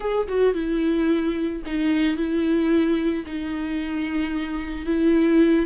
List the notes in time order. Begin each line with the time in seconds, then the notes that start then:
0.00 G#4
0.28 F#4
0.54 E4
1.66 D#4
2.16 E4
3.26 D#4
4.86 E4